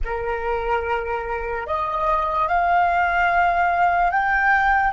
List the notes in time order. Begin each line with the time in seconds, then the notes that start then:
0.04 A#4
1.66 D#5
2.48 F5
4.11 G5